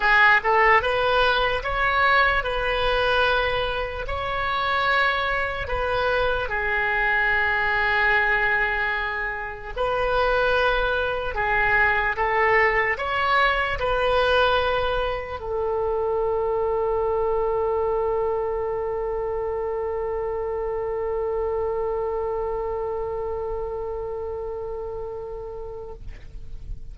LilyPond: \new Staff \with { instrumentName = "oboe" } { \time 4/4 \tempo 4 = 74 gis'8 a'8 b'4 cis''4 b'4~ | b'4 cis''2 b'4 | gis'1 | b'2 gis'4 a'4 |
cis''4 b'2 a'4~ | a'1~ | a'1~ | a'1 | }